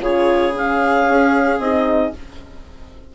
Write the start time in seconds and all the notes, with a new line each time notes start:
0.00 C#3 F4 G#4 C#5
0.54 C#4 F5
1.09 C#4
1.58 C4 D#4 D#5